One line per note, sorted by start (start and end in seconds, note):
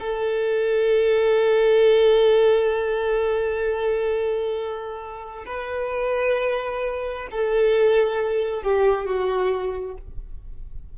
0.00 5.45 A4
5.46 7.28 B4
7.31 8.63 A4
8.63 9.06 G4
9.06 9.97 F#4